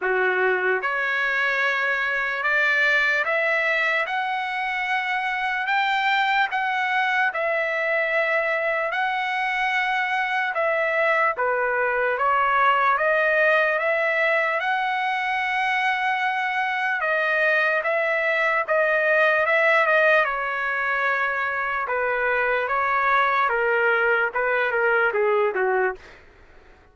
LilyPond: \new Staff \with { instrumentName = "trumpet" } { \time 4/4 \tempo 4 = 74 fis'4 cis''2 d''4 | e''4 fis''2 g''4 | fis''4 e''2 fis''4~ | fis''4 e''4 b'4 cis''4 |
dis''4 e''4 fis''2~ | fis''4 dis''4 e''4 dis''4 | e''8 dis''8 cis''2 b'4 | cis''4 ais'4 b'8 ais'8 gis'8 fis'8 | }